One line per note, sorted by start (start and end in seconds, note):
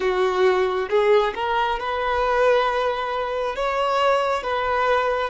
0.00 0.88 F#4
0.89 1.33 G#4
1.35 1.79 A#4
1.79 3.55 B4
3.55 4.43 C#5
4.43 5.30 B4